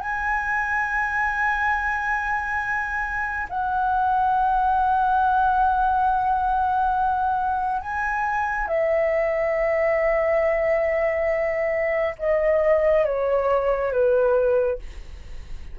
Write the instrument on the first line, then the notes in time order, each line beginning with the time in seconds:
flute
0.00 G#5
3.50 F#5
7.81 G#5
8.68 E5
12.19 D#5
13.05 C#5
13.92 B4